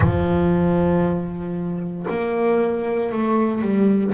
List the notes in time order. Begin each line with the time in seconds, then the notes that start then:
0.00 F3
2.09 A#3
3.11 A3
3.61 G3